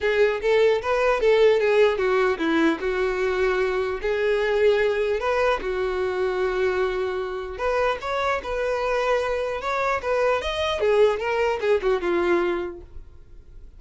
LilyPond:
\new Staff \with { instrumentName = "violin" } { \time 4/4 \tempo 4 = 150 gis'4 a'4 b'4 a'4 | gis'4 fis'4 e'4 fis'4~ | fis'2 gis'2~ | gis'4 b'4 fis'2~ |
fis'2. b'4 | cis''4 b'2. | cis''4 b'4 dis''4 gis'4 | ais'4 gis'8 fis'8 f'2 | }